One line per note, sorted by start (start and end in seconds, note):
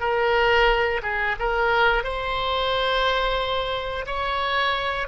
0.00 1.01 A#4
1.02 1.36 G#4
1.39 2.03 A#4
2.03 4.06 C5
4.06 5.07 C#5